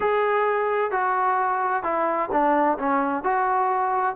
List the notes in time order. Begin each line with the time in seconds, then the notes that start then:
0.00 G#4
0.91 F#4
1.83 E4
2.31 D4
2.78 C#4
3.23 F#4